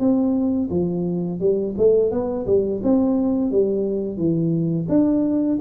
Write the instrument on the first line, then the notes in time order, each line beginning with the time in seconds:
tuba
0.00 C4
0.70 F3
1.40 G3
1.78 A3
2.12 B3
2.47 G3
2.84 C4
3.52 G3
4.18 E3
4.89 D4